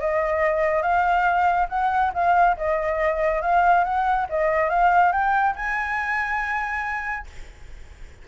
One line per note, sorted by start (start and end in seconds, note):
0.00 0.82 D#5
0.82 1.67 F5
1.69 2.12 F#5
2.13 2.56 F5
2.56 3.41 D#5
3.41 3.84 F5
3.84 4.27 F#5
4.29 4.69 D#5
4.69 5.12 F5
5.12 5.55 G5
5.55 7.26 G#5